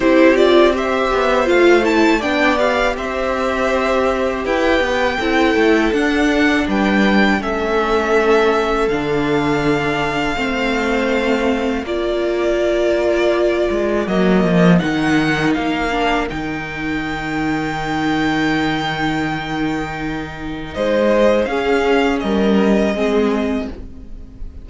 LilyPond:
<<
  \new Staff \with { instrumentName = "violin" } { \time 4/4 \tempo 4 = 81 c''8 d''8 e''4 f''8 a''8 g''8 f''8 | e''2 g''2 | fis''4 g''4 e''2 | f''1 |
d''2. dis''4 | fis''4 f''4 g''2~ | g''1 | dis''4 f''4 dis''2 | }
  \new Staff \with { instrumentName = "violin" } { \time 4/4 g'4 c''2 d''4 | c''2 b'4 a'4~ | a'4 b'4 a'2~ | a'2 c''2 |
ais'1~ | ais'1~ | ais'1 | c''4 gis'4 ais'4 gis'4 | }
  \new Staff \with { instrumentName = "viola" } { \time 4/4 e'8 f'8 g'4 f'8 e'8 d'8 g'8~ | g'2. e'4 | d'2 cis'2 | d'2 c'2 |
f'2. ais4 | dis'4. d'8 dis'2~ | dis'1~ | dis'4 cis'2 c'4 | }
  \new Staff \with { instrumentName = "cello" } { \time 4/4 c'4. b8 a4 b4 | c'2 e'8 b8 c'8 a8 | d'4 g4 a2 | d2 a2 |
ais2~ ais8 gis8 fis8 f8 | dis4 ais4 dis2~ | dis1 | gis4 cis'4 g4 gis4 | }
>>